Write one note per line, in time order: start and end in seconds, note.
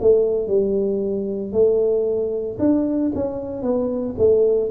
0.00 0.47 A3
0.47 1.52 G3
1.52 2.57 A3
2.59 3.11 D4
3.14 3.62 C#4
3.62 4.15 B3
4.18 4.70 A3